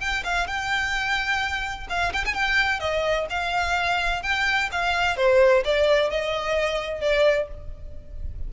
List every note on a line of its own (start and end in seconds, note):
0.00 0.23 G5
0.24 0.47 F5
0.47 1.87 G5
1.89 2.13 F5
2.13 2.24 G5
2.25 2.34 G#5
2.34 2.80 G5
2.80 3.27 D#5
3.30 4.23 F5
4.23 4.70 G5
4.72 5.16 F5
5.16 5.63 C5
5.64 6.10 D5
6.10 7.01 D#5
7.01 7.48 D5